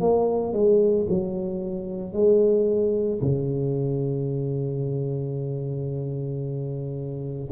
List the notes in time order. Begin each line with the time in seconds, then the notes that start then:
0.00 A#3
0.53 G#3
1.09 F#3
2.13 G#3
3.21 C#3